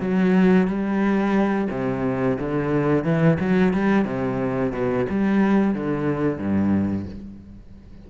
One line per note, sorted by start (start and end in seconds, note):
0.00 0.67 F#3
0.67 1.68 G3
1.70 2.37 C3
2.39 3.04 D3
3.04 3.38 E3
3.40 3.73 F#3
3.73 4.05 G3
4.05 4.72 C3
4.72 5.06 B2
5.09 5.74 G3
5.74 6.38 D3
6.38 7.05 G2